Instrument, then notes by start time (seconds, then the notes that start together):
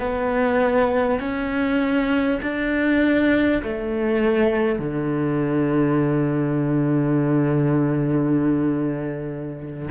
cello
0.00 B3
1.20 C#4
2.42 D4
3.63 A3
4.79 D3